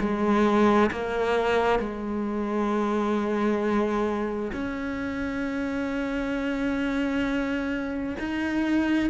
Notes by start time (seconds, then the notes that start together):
0.00 G#3
0.91 A#3
1.79 G#3
4.52 C#4
8.19 D#4